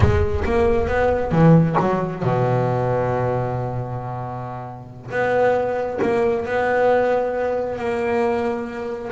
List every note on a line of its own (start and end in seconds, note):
0.00 0.43 G#3
0.44 0.87 A#3
0.87 1.31 B3
1.31 1.76 E3
1.79 2.22 F#3
2.22 5.11 B2
5.11 5.99 B3
6.01 6.45 A#3
6.45 7.78 B3
7.78 9.11 A#3